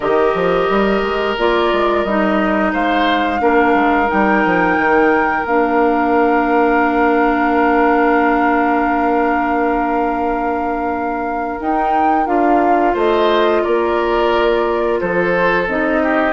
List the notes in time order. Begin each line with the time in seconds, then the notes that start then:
0.00 D#3 G4 A#4 D#5
0.34 F3
0.69 G3
1.02 G#3
1.38 A#3 F4 D5
1.72 G#3
2.04 G3 D#4 D#5
2.73 G#3 C5 F5
3.39 A#3 D4 A#4
3.74 G#3
4.07 G3 D#4 G5
4.44 F3
4.77 D#3
5.43 A#3 D4 F5
11.59 D#4 G5
12.25 D4 F4 F5
12.93 A3 C5 D#5
13.63 A#3 A#4 D5
15.00 F3 A4 C5
15.67 C4 D#4 D#5
16.02 G4